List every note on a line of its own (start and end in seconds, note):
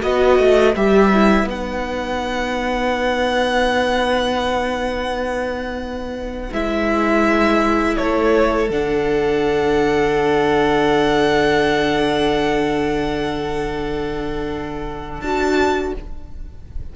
0.00 0.39 B3
0.00 0.72 F#4
0.00 7.96 B4
0.00 0.75 D#5
0.39 0.75 A3
0.75 1.43 G3
0.75 1.12 G4
0.75 1.48 E5
1.13 1.49 E4
1.43 6.49 B3
1.49 6.53 D#4
1.49 6.53 F#5
6.52 7.97 G#3
6.52 8.70 E4
6.52 7.96 E5
7.96 8.69 A3
7.96 15.93 A4
7.96 8.69 C#5
8.69 15.20 D3
8.69 15.20 D4
8.69 15.21 F#5
15.21 15.93 D4
15.21 15.96 F#4
15.21 15.93 A5